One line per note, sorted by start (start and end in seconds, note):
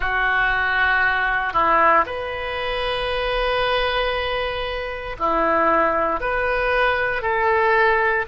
0.00 1.53 F#4
1.53 2.05 E4
2.05 5.16 B4
5.18 6.20 E4
6.20 7.21 B4
7.21 8.25 A4